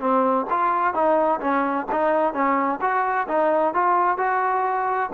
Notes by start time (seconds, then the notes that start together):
0.00 C4
0.50 F4
0.94 D#4
1.41 C#4
1.92 D#4
2.34 C#4
2.81 F#4
3.28 D#4
3.74 F4
4.18 F#4